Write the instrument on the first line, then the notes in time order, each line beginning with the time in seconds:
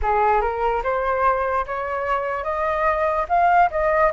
flute
0.01 G#4
0.41 A#4
0.83 C5
1.66 C#5
2.43 D#5
3.28 F5
3.71 D#5